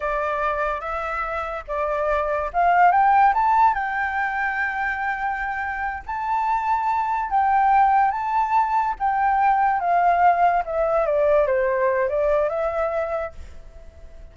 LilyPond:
\new Staff \with { instrumentName = "flute" } { \time 4/4 \tempo 4 = 144 d''2 e''2 | d''2 f''4 g''4 | a''4 g''2.~ | g''2~ g''8 a''4.~ |
a''4. g''2 a''8~ | a''4. g''2 f''8~ | f''4. e''4 d''4 c''8~ | c''4 d''4 e''2 | }